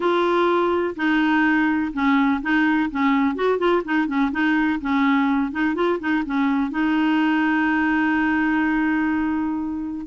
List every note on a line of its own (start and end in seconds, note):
0.00 0.94 F4
0.95 1.91 D#4
1.93 2.41 C#4
2.42 2.90 D#4
2.90 3.35 C#4
3.35 3.58 F#4
3.58 3.82 F4
3.84 4.07 D#4
4.07 4.31 C#4
4.31 4.79 D#4
4.80 5.51 C#4
5.51 5.74 D#4
5.74 5.98 F4
5.99 6.23 D#4
6.25 6.71 C#4
6.71 10.07 D#4